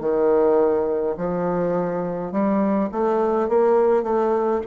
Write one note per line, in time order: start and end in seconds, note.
0.00 1.15 D#3
1.16 2.32 F3
2.32 2.90 G3
2.92 3.48 A3
3.48 4.03 A#3
4.03 4.60 A3